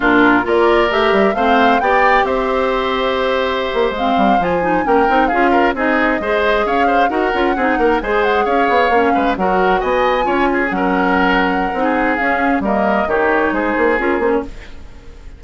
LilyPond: <<
  \new Staff \with { instrumentName = "flute" } { \time 4/4 \tempo 4 = 133 ais'4 d''4 e''4 f''4 | g''4 e''2.~ | e''8. f''4 gis''4 g''4 f''16~ | f''8. dis''2 f''4 fis''16~ |
fis''4.~ fis''16 gis''8 fis''8 f''4~ f''16~ | f''8. fis''4 gis''2 fis''16~ | fis''2. f''4 | dis''4 cis''4 c''4 ais'8 c''16 cis''16 | }
  \new Staff \with { instrumentName = "oboe" } { \time 4/4 f'4 ais'2 c''4 | d''4 c''2.~ | c''2~ c''8. ais'4 gis'16~ | gis'16 ais'8 gis'4 c''4 cis''8 c''8 ais'16~ |
ais'8. gis'8 ais'8 c''4 cis''4~ cis''16~ | cis''16 b'8 ais'4 dis''4 cis''8 gis'8 ais'16~ | ais'2~ ais'16 gis'4.~ gis'16 | ais'4 g'4 gis'2 | }
  \new Staff \with { instrumentName = "clarinet" } { \time 4/4 d'4 f'4 g'4 c'4 | g'1~ | g'8. c'4 f'8 dis'8 cis'8 dis'8 f'16~ | f'8. dis'4 gis'2 fis'16~ |
fis'16 f'8 dis'4 gis'2 cis'16~ | cis'8. fis'2 f'4 cis'16~ | cis'2 dis'4 cis'4 | ais4 dis'2 f'8 cis'8 | }
  \new Staff \with { instrumentName = "bassoon" } { \time 4/4 ais,4 ais4 a8 g8 a4 | b4 c'2.~ | c'16 ais8 gis8 g8 f4 ais8 c'8 cis'16~ | cis'8. c'4 gis4 cis'4 dis'16~ |
dis'16 cis'8 c'8 ais8 gis4 cis'8 b8 ais16~ | ais16 gis8 fis4 b4 cis'4 fis16~ | fis2 c'4 cis'4 | g4 dis4 gis8 ais8 cis'8 ais8 | }
>>